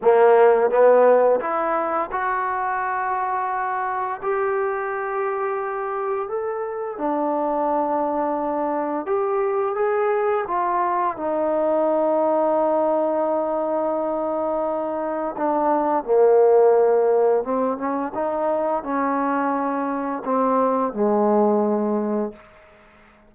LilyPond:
\new Staff \with { instrumentName = "trombone" } { \time 4/4 \tempo 4 = 86 ais4 b4 e'4 fis'4~ | fis'2 g'2~ | g'4 a'4 d'2~ | d'4 g'4 gis'4 f'4 |
dis'1~ | dis'2 d'4 ais4~ | ais4 c'8 cis'8 dis'4 cis'4~ | cis'4 c'4 gis2 | }